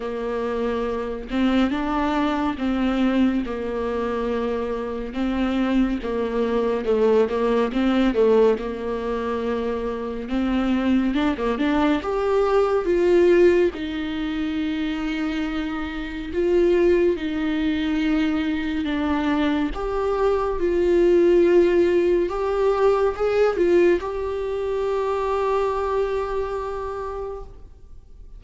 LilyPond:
\new Staff \with { instrumentName = "viola" } { \time 4/4 \tempo 4 = 70 ais4. c'8 d'4 c'4 | ais2 c'4 ais4 | a8 ais8 c'8 a8 ais2 | c'4 d'16 ais16 d'8 g'4 f'4 |
dis'2. f'4 | dis'2 d'4 g'4 | f'2 g'4 gis'8 f'8 | g'1 | }